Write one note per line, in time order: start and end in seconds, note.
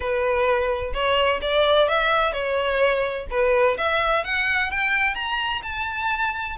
0.00 0.93 B4
0.93 1.40 C#5
1.41 1.88 D5
1.88 2.32 E5
2.32 3.26 C#5
3.30 3.77 B4
3.77 4.24 E5
4.24 4.70 F#5
4.70 5.14 G5
5.14 5.61 A#5
5.62 6.56 A5